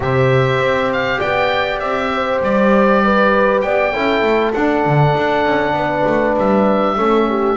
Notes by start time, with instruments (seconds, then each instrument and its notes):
0.00 double bass C3, trombone G4, horn C5, oboe E5
0.58 double bass C4
0.92 oboe F5
1.19 double bass B3, horn D5, oboe G5
1.79 double bass C4, oboe E5
2.14 horn C5
2.41 double bass G3, oboe D5
3.04 horn B4
3.61 double bass B3, horn D5, oboe G5
3.92 double bass C#4, trombone E4, horn A4
4.22 double bass A3
4.53 double bass D4, trombone D4, oboe F#5
4.85 double bass D3
5.17 double bass D4
5.44 double bass C#4
5.73 double bass B3, horn B4
6.06 double bass A3
6.37 double bass G3, oboe E5
6.96 double bass A3, trombone C#4, horn A4
7.28 horn G4